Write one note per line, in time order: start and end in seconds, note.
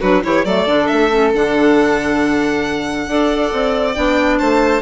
0.00 0.24 F#3
0.00 0.23 D4
0.00 0.22 F#4
0.00 0.23 B4
0.23 0.45 E3
0.23 0.45 E4
0.23 0.46 G4
0.23 0.45 C#5
0.45 0.67 F#3
0.45 0.67 A3
0.45 3.08 A4
0.45 0.87 D5
0.67 0.89 D3
0.67 1.10 D4
0.87 1.34 A3
0.87 1.31 E5
1.10 1.32 C#4
1.34 3.07 D3
1.34 3.08 D4
1.34 3.94 F#5
3.07 3.51 D4
3.07 3.95 A4
3.07 4.39 D5
3.52 3.96 C4
3.94 4.41 B3
3.94 4.82 D4
3.94 4.38 G5
4.39 4.82 A3
4.39 4.82 C5
4.39 4.82 A5